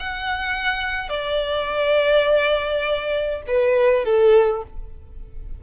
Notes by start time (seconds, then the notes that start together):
0.00 F#5
1.09 D5
3.47 B4
4.05 A4